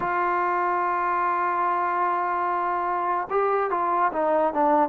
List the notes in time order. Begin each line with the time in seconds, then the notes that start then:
0.00 F4
3.30 G4
3.70 F4
4.12 D#4
4.53 D4